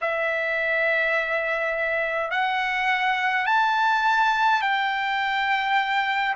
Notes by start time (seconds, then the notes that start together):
0.01 E5
2.31 F#5
3.46 A5
4.62 G5